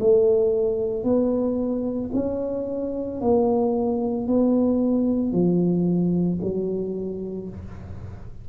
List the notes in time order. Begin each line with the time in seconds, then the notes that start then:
0.00 A3
1.04 B3
2.14 C#4
3.21 A#3
4.27 B3
5.32 F3
6.42 F#3